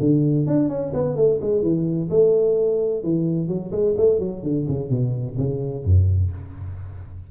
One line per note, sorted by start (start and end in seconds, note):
0.00 0.47 D3
0.47 0.69 D4
0.69 0.92 C#4
0.94 1.16 B3
1.16 1.40 A3
1.41 1.62 G#3
1.62 2.09 E3
2.10 3.03 A3
3.03 3.48 E3
3.48 3.71 F#3
3.71 3.95 G#3
3.97 4.20 A3
4.20 4.43 F#3
4.43 4.66 D3
4.68 4.90 C#3
4.90 5.37 B2
5.38 5.84 C#3
5.85 6.32 F#2